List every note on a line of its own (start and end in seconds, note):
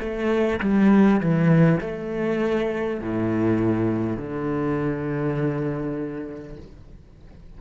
0.00 0.60 A3
0.60 1.20 G3
1.21 1.81 E3
1.81 3.01 A3
3.01 4.17 A2
4.17 6.57 D3